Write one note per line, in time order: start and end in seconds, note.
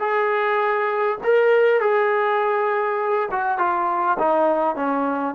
0.00 1.19 G#4
1.24 1.81 A#4
1.81 3.30 G#4
3.31 3.59 F#4
3.59 4.18 F4
4.19 4.76 D#4
4.76 5.35 C#4